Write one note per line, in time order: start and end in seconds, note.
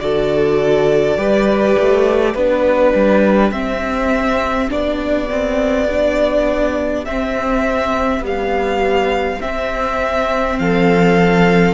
0.00 1.18 D3
0.00 1.18 F#4
0.00 1.19 A4
0.00 2.35 D5
1.18 1.77 G3
1.18 2.36 G4
1.18 2.32 B4
1.79 2.35 A3
2.32 2.94 B3
2.32 3.54 D4
2.32 10.56 G4
2.32 3.52 B4
2.95 3.51 G3
3.51 4.69 C4
3.51 4.70 C4
3.51 4.70 E5
4.70 7.07 B3
4.70 5.29 D4
4.70 7.06 D5
5.30 5.89 C4
5.90 7.07 D4
7.06 8.24 C4
7.06 8.20 C4
7.06 8.23 E5
8.20 9.41 G3
8.20 9.38 B3
8.27 9.42 F5
9.41 11.74 C4
9.41 10.60 C4
9.41 10.60 E5
10.60 11.74 F3
10.60 11.74 A4
10.60 11.74 F5